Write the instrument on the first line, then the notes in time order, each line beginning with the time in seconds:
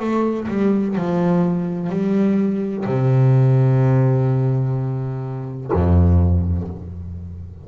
double bass
0.00 A3
0.48 G3
0.96 F3
1.90 G3
2.86 C3
5.73 F2